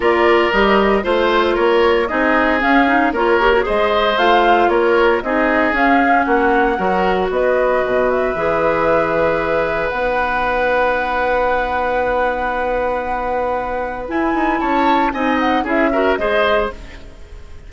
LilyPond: <<
  \new Staff \with { instrumentName = "flute" } { \time 4/4 \tempo 4 = 115 d''4 dis''4 c''4 cis''4 | dis''4 f''4 cis''4 dis''4 | f''4 cis''4 dis''4 f''4 | fis''2 dis''4. e''8~ |
e''2. fis''4~ | fis''1~ | fis''2. gis''4 | a''4 gis''8 fis''8 e''4 dis''4 | }
  \new Staff \with { instrumentName = "oboe" } { \time 4/4 ais'2 c''4 ais'4 | gis'2 ais'4 c''4~ | c''4 ais'4 gis'2 | fis'4 ais'4 b'2~ |
b'1~ | b'1~ | b'1 | cis''4 dis''4 gis'8 ais'8 c''4 | }
  \new Staff \with { instrumentName = "clarinet" } { \time 4/4 f'4 g'4 f'2 | dis'4 cis'8 dis'8 f'8 g'16 fis'16 gis'4 | f'2 dis'4 cis'4~ | cis'4 fis'2. |
gis'2. dis'4~ | dis'1~ | dis'2. e'4~ | e'4 dis'4 e'8 fis'8 gis'4 | }
  \new Staff \with { instrumentName = "bassoon" } { \time 4/4 ais4 g4 a4 ais4 | c'4 cis'4 ais4 gis4 | a4 ais4 c'4 cis'4 | ais4 fis4 b4 b,4 |
e2. b4~ | b1~ | b2. e'8 dis'8 | cis'4 c'4 cis'4 gis4 | }
>>